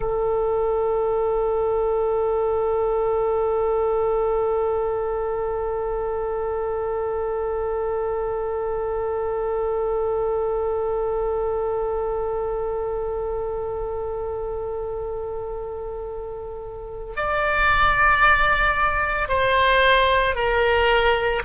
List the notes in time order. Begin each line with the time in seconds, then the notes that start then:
0.00 A4
17.16 D5
19.28 C5
20.35 A#4